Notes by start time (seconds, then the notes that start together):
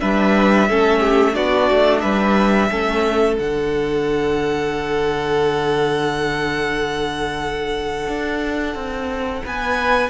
0.00 G3 D4 B4 E5
0.69 A3 C#4 A4
0.99 G4
1.33 B3 D4 F#4 D5
1.70 A3
2.00 G3 B4 E5
2.70 A3 C#4 A4
3.38 D3 D4 F#5
8.07 D4
8.75 C4
9.44 B3 B4 G#5